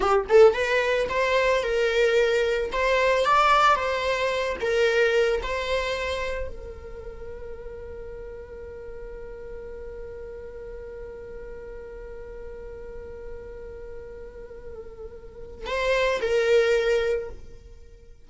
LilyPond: \new Staff \with { instrumentName = "viola" } { \time 4/4 \tempo 4 = 111 g'8 a'8 b'4 c''4 ais'4~ | ais'4 c''4 d''4 c''4~ | c''8 ais'4. c''2 | ais'1~ |
ais'1~ | ais'1~ | ais'1~ | ais'4 c''4 ais'2 | }